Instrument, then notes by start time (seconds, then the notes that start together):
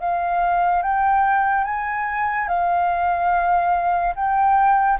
flute
0.00 F5
0.82 G5
1.64 G#5
2.48 F5
4.15 G5